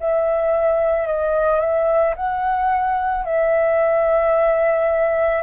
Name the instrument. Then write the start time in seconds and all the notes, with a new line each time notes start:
flute
0.00 E5
1.07 D#5
1.60 E5
2.16 F#5
3.25 E5